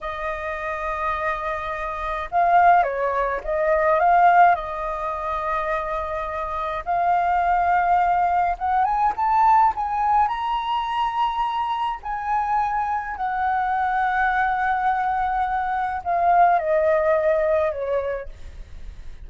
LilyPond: \new Staff \with { instrumentName = "flute" } { \time 4/4 \tempo 4 = 105 dis''1 | f''4 cis''4 dis''4 f''4 | dis''1 | f''2. fis''8 gis''8 |
a''4 gis''4 ais''2~ | ais''4 gis''2 fis''4~ | fis''1 | f''4 dis''2 cis''4 | }